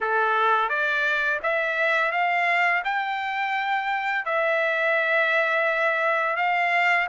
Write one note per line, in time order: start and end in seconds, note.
0.00 0.69 A4
0.69 1.40 D5
1.42 2.11 E5
2.11 2.82 F5
2.84 4.25 G5
4.25 6.36 E5
6.36 7.07 F5